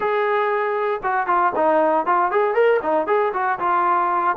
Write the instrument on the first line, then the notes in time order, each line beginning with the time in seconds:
trombone
0.00 G#4
1.03 F#4
1.26 F4
1.55 D#4
2.05 F4
2.31 G#4
2.54 A#4
2.82 D#4
3.07 G#4
3.33 F#4
3.59 F4